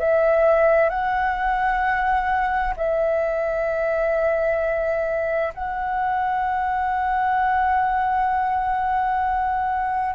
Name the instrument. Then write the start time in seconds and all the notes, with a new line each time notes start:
flute
0.00 E5
0.90 F#5
2.77 E5
5.55 F#5